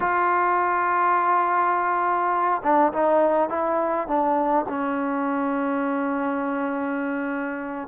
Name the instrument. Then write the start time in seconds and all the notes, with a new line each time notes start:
trombone
0.00 F4
2.63 D4
2.92 D#4
3.49 E4
4.07 D4
4.68 C#4